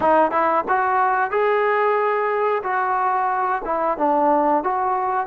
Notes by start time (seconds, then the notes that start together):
0.00 D#4
0.31 E4
0.68 F#4
1.30 G#4
2.63 F#4
3.64 E4
3.97 D4
4.63 F#4